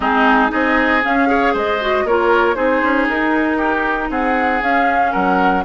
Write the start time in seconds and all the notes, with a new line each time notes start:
0.00 G#3 C4 D#4 G#4
0.49 C4 D#4 G#4 D#5
1.02 C#4 F5
1.27 G#4 C#5
1.53 G#3 C5 D#5
1.81 F#4
2.04 A#3 F4 A#4 C#5
2.54 C4 D#4 G#4 C5
2.82 C#4
3.08 D#4 A#4
3.57 G4
4.10 C4 G#4 F#5
4.61 C#4 F5
5.12 F#3 A#4 F#5